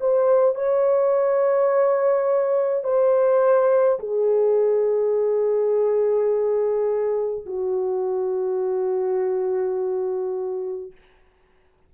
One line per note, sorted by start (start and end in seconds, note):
0.00 0.55 C5
0.55 2.84 C#5
2.84 3.99 C5
3.99 7.45 G#4
7.45 10.91 F#4